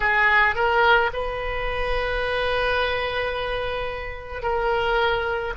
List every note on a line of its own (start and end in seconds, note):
0.00 0.55 G#4
0.55 1.10 A#4
1.13 4.42 B4
4.42 5.53 A#4